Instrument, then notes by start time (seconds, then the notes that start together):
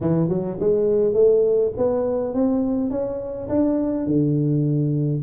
tuba
0.01 E3
0.28 F#3
0.60 G#3
1.13 A3
1.77 B3
2.34 C4
2.90 C#4
3.48 D4
4.06 D3